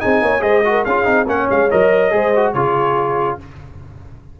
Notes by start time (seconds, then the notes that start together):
0.00 C4 D#4 G#4 G#5
0.22 A#3 C#5
0.40 G#3 G#4 C5 D#5
0.65 F#4 A#4
0.85 C#4 F4 G#4 F5
1.04 C4 D#4
1.27 A#3 C#4 C#5 F#5
1.50 G#3 F5
1.70 F#3 A#4 D#5
2.11 G#3 G#4 C5
2.36 F#4
2.53 C#3 F4 G#4 C#5